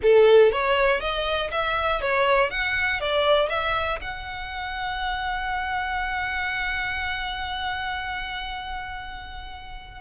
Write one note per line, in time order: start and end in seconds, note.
0.02 0.52 A4
0.52 1.00 C#5
1.00 1.50 D#5
1.51 2.01 E5
2.01 2.50 C#5
2.50 3.00 F#5
3.00 3.49 D5
3.49 3.99 E5
4.01 10.01 F#5